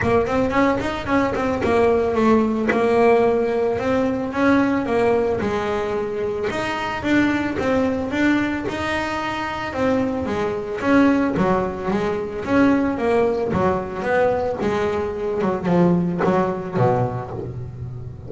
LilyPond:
\new Staff \with { instrumentName = "double bass" } { \time 4/4 \tempo 4 = 111 ais8 c'8 cis'8 dis'8 cis'8 c'8 ais4 | a4 ais2 c'4 | cis'4 ais4 gis2 | dis'4 d'4 c'4 d'4 |
dis'2 c'4 gis4 | cis'4 fis4 gis4 cis'4 | ais4 fis4 b4 gis4~ | gis8 fis8 f4 fis4 b,4 | }